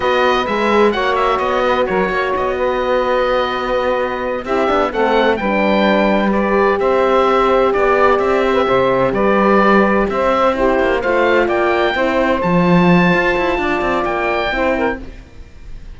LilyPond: <<
  \new Staff \with { instrumentName = "oboe" } { \time 4/4 \tempo 4 = 128 dis''4 e''4 fis''8 e''8 dis''4 | cis''4 dis''2.~ | dis''4. e''4 fis''4 g''8~ | g''4. d''4 e''4.~ |
e''8 d''4 e''2 d''8~ | d''4. e''4 c''4 f''8~ | f''8 g''2 a''4.~ | a''2 g''2 | }
  \new Staff \with { instrumentName = "saxophone" } { \time 4/4 b'2 cis''4. b'8 | ais'8 cis''4 b'2~ b'8~ | b'4. g'4 a'4 b'8~ | b'2~ b'8 c''4.~ |
c''8 d''4. c''16 b'16 c''4 b'8~ | b'4. c''4 g'4 c''8~ | c''8 d''4 c''2~ c''8~ | c''4 d''2 c''8 ais'8 | }
  \new Staff \with { instrumentName = "horn" } { \time 4/4 fis'4 gis'4 fis'2~ | fis'1~ | fis'4. e'8 d'8 c'4 d'8~ | d'4. g'2~ g'8~ |
g'1~ | g'2~ g'8 e'4 f'8~ | f'4. e'4 f'4.~ | f'2. e'4 | }
  \new Staff \with { instrumentName = "cello" } { \time 4/4 b4 gis4 ais4 b4 | fis8 ais8 b2.~ | b4. c'8 b8 a4 g8~ | g2~ g8 c'4.~ |
c'8 b4 c'4 c4 g8~ | g4. c'4. ais8 a8~ | a8 ais4 c'4 f4. | f'8 e'8 d'8 c'8 ais4 c'4 | }
>>